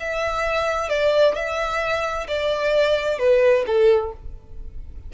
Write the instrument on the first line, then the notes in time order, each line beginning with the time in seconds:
violin
0.00 E5
0.90 D5
1.35 E5
2.28 D5
3.19 B4
3.67 A4